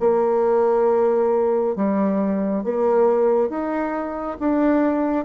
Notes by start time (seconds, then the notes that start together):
0.00 A#3
1.76 G3
2.64 A#3
3.49 D#4
4.40 D4